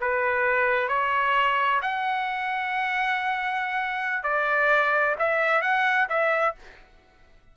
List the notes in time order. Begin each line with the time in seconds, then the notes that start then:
0.00 B4
0.88 C#5
1.81 F#5
4.23 D5
5.18 E5
5.61 F#5
6.09 E5